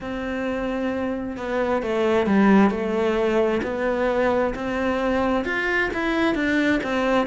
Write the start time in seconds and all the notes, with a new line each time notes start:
0.00 C4
1.36 B3
1.82 A3
2.26 G3
2.70 A3
3.62 B3
4.55 C4
5.44 F4
5.93 E4
6.34 D4
6.83 C4